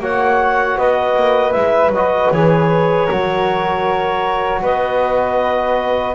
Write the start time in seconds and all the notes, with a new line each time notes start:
0.00 A#3 F#4 C#5 F#5
0.77 B3 B4 D#5
1.17 A#3
1.52 G#3 E4 E5
1.89 F#3 D#5
1.96 F#4
2.32 E3 G#4 C#5
3.06 F#3 F#4 A#4
4.62 B3 B4 D#5